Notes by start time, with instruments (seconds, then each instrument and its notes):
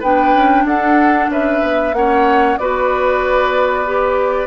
0.00 bassoon B3, clarinet D4, oboe B4, flute G5
0.35 bassoon C#4
0.65 bassoon D4, oboe A4, flute F#5
1.29 bassoon C#4, oboe B4, flute E5
1.63 bassoon B3
1.93 bassoon A#3, clarinet C#4, oboe C#5, flute F#5
2.58 bassoon B3, clarinet F#4, oboe B4, flute D5
3.86 clarinet G4